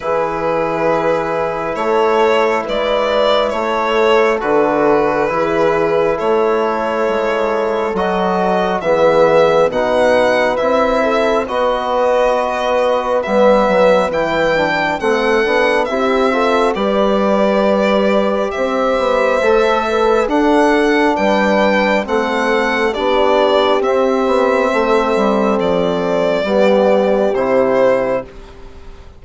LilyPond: <<
  \new Staff \with { instrumentName = "violin" } { \time 4/4 \tempo 4 = 68 b'2 cis''4 d''4 | cis''4 b'2 cis''4~ | cis''4 dis''4 e''4 fis''4 | e''4 dis''2 e''4 |
g''4 fis''4 e''4 d''4~ | d''4 e''2 fis''4 | g''4 fis''4 d''4 e''4~ | e''4 d''2 c''4 | }
  \new Staff \with { instrumentName = "horn" } { \time 4/4 gis'2 a'4 b'4 | a'2 gis'4 a'4~ | a'2 gis'4 b'4~ | b'8 a'8 b'2.~ |
b'4 a'4 g'8 a'8 b'4~ | b'4 c''4. b'8 a'4 | b'4 a'4 g'2 | a'2 g'2 | }
  \new Staff \with { instrumentName = "trombone" } { \time 4/4 e'1~ | e'4 fis'4 e'2~ | e'4 fis'4 b4 dis'4 | e'4 fis'2 b4 |
e'8 d'8 c'8 d'8 e'8 f'8 g'4~ | g'2 a'4 d'4~ | d'4 c'4 d'4 c'4~ | c'2 b4 e'4 | }
  \new Staff \with { instrumentName = "bassoon" } { \time 4/4 e2 a4 gis4 | a4 d4 e4 a4 | gis4 fis4 e4 b,4 | c'4 b2 g8 fis8 |
e4 a8 b8 c'4 g4~ | g4 c'8 b8 a4 d'4 | g4 a4 b4 c'8 b8 | a8 g8 f4 g4 c4 | }
>>